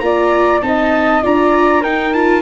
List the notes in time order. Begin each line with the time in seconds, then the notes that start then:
0.00 A#3 F4 D5 A#5
0.62 C4 D#4 D#5 A5
1.22 D4 F4 D5 A#5
1.82 D#4 A#4 G5
2.14 F4 A5